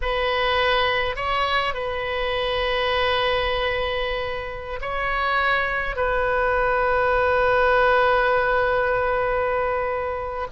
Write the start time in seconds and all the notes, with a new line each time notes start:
0.01 B4
1.15 C#5
1.73 B4
4.81 C#5
5.96 B4